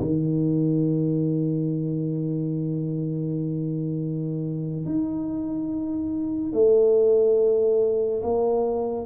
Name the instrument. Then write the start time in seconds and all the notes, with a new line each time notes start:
tuba
0.00 D#3
4.86 D#4
6.54 A3
8.23 A#3